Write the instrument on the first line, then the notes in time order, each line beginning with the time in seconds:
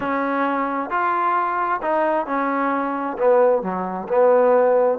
trombone
0.00 C#4
0.90 F4
1.81 D#4
2.26 C#4
3.18 B3
3.62 F#3
4.08 B3